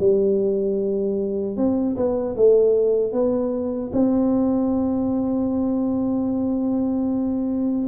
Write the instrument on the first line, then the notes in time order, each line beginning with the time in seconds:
tuba
0.00 G3
1.57 C4
1.96 B3
2.37 A3
3.13 B3
3.93 C4